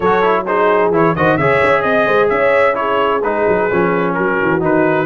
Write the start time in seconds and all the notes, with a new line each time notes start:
0.00 F#3 F#4 A4 C#5
0.21 E4
0.46 D#4 G#4 C5
0.90 E3 E4 C#5
1.15 D#3 F#4 C5 D#5
1.37 C#3 G#4 C#5 E5
1.63 C#4
1.82 C4 D#5
2.06 G#3 C5
2.29 C#4 C#5 E5
2.74 E4 G#4 C#5
3.22 G#3 D#4 B4
3.48 F#3
3.71 F3 C#4
4.14 F#3 F#4 A#4
4.41 E3
4.60 D#3 D#4 B4